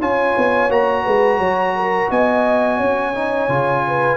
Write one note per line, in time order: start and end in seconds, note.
0.00 0.35 C#4
0.00 0.70 F4
0.00 1.03 C#5
0.00 0.71 G#5
0.37 0.69 B3
0.69 1.04 A#3
0.69 3.14 F#4
0.69 2.11 A#5
1.03 1.39 G#3
1.03 1.38 B4
1.38 2.08 F#3
1.38 1.73 C#5
1.76 2.10 A#4
2.10 2.80 B3
2.10 2.77 D#5
2.10 4.17 G#5
2.77 3.49 C#4
2.77 3.82 C#5
3.15 3.49 D#4
3.49 4.17 C#3
3.49 4.17 F4
3.87 4.17 B4